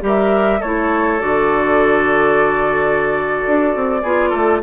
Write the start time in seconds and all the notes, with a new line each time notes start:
0.00 G3 G4 A#4
0.07 E5
0.60 A3 E4 A4 C#5
1.19 D3 F#4 D5
3.47 D4
3.75 C4
4.02 B3 F4 G#4
4.29 A3 A4